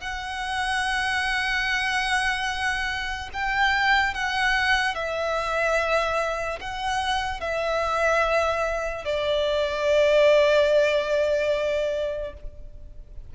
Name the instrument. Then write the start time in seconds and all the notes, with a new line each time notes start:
violin
0.00 F#5
3.33 G5
4.14 F#5
4.95 E5
6.60 F#5
7.40 E5
9.04 D5